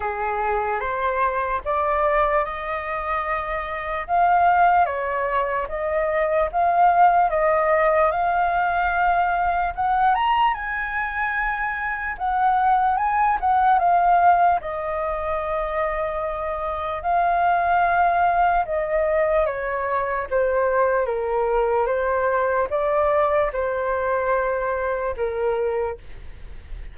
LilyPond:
\new Staff \with { instrumentName = "flute" } { \time 4/4 \tempo 4 = 74 gis'4 c''4 d''4 dis''4~ | dis''4 f''4 cis''4 dis''4 | f''4 dis''4 f''2 | fis''8 ais''8 gis''2 fis''4 |
gis''8 fis''8 f''4 dis''2~ | dis''4 f''2 dis''4 | cis''4 c''4 ais'4 c''4 | d''4 c''2 ais'4 | }